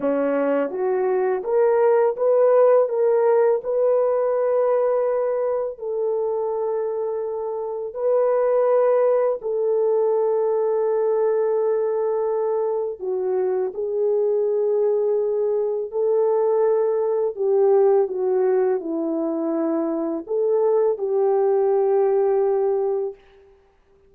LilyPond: \new Staff \with { instrumentName = "horn" } { \time 4/4 \tempo 4 = 83 cis'4 fis'4 ais'4 b'4 | ais'4 b'2. | a'2. b'4~ | b'4 a'2.~ |
a'2 fis'4 gis'4~ | gis'2 a'2 | g'4 fis'4 e'2 | a'4 g'2. | }